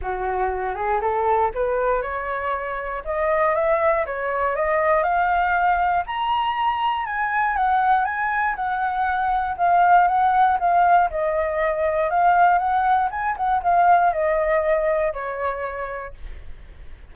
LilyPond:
\new Staff \with { instrumentName = "flute" } { \time 4/4 \tempo 4 = 119 fis'4. gis'8 a'4 b'4 | cis''2 dis''4 e''4 | cis''4 dis''4 f''2 | ais''2 gis''4 fis''4 |
gis''4 fis''2 f''4 | fis''4 f''4 dis''2 | f''4 fis''4 gis''8 fis''8 f''4 | dis''2 cis''2 | }